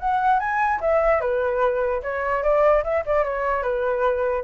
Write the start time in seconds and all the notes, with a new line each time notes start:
0.00 F#5
0.39 G#5
0.81 E5
1.21 B4
2.03 C#5
2.43 D5
2.84 E5
3.06 D5
3.24 C#5
3.63 B4